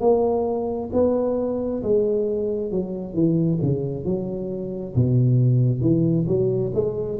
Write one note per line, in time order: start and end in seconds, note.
0.00 0.90 A#3
0.93 1.82 B3
1.83 2.71 G#3
2.71 3.14 F#3
3.14 3.59 E3
3.62 4.05 C#3
4.05 4.94 F#3
4.95 5.80 B2
5.80 6.25 E3
6.27 6.72 F#3
6.74 7.19 G#3